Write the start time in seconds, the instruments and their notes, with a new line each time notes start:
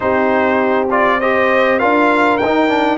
0.00 tuba C4, trombone D#4, horn G4, trumpet C5
0.90 trombone F4, trumpet D5
1.20 trombone G4, horn C5, trumpet D#5
1.79 tuba D4, trombone F4, horn A#4, trumpet F5
2.37 tuba D#4, trumpet G5
2.44 trombone D#4
2.68 trombone D4